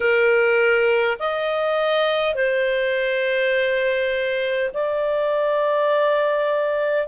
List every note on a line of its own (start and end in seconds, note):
0.00 1.17 A#4
1.19 2.35 D#5
2.35 4.70 C5
4.73 7.07 D5